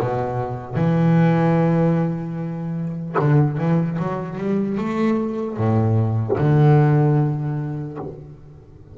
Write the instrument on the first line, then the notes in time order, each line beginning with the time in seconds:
double bass
0.00 B2
0.76 E3
3.19 D3
3.58 E3
3.99 F#3
4.38 G3
4.78 A3
5.57 A2
6.38 D3